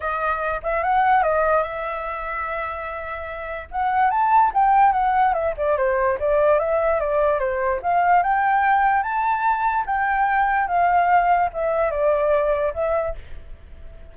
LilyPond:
\new Staff \with { instrumentName = "flute" } { \time 4/4 \tempo 4 = 146 dis''4. e''8 fis''4 dis''4 | e''1~ | e''4 fis''4 a''4 g''4 | fis''4 e''8 d''8 c''4 d''4 |
e''4 d''4 c''4 f''4 | g''2 a''2 | g''2 f''2 | e''4 d''2 e''4 | }